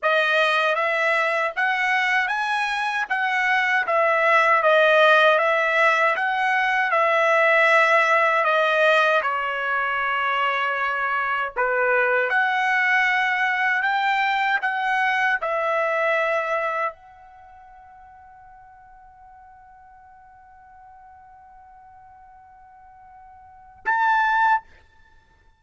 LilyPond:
\new Staff \with { instrumentName = "trumpet" } { \time 4/4 \tempo 4 = 78 dis''4 e''4 fis''4 gis''4 | fis''4 e''4 dis''4 e''4 | fis''4 e''2 dis''4 | cis''2. b'4 |
fis''2 g''4 fis''4 | e''2 fis''2~ | fis''1~ | fis''2. a''4 | }